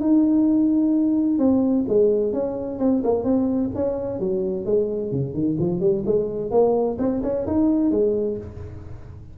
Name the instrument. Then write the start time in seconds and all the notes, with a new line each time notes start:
tuba
0.00 D#4
1.38 C4
1.88 G#3
2.33 C#4
2.79 C4
3.03 A#3
3.23 C4
3.75 C#4
4.19 F#3
4.65 G#3
5.11 C#3
5.34 D#3
5.59 F3
5.80 G3
6.05 G#3
6.51 A#3
6.98 C4
7.23 C#4
7.46 D#4
7.90 G#3